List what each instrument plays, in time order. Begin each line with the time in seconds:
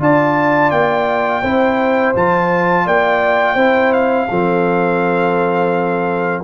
0.00 tuba D4, trombone F4, horn D5, trumpet A5
0.71 tuba A#3, trumpet G5
1.42 tuba C4, trombone E4, horn C5
2.15 tuba F3, trombone F4, trumpet A5
2.86 tuba A#3, horn D5, trumpet G5
3.54 tuba C4, trombone E4, horn C5
3.93 trumpet F5
4.30 tuba F3, trombone C4, horn A4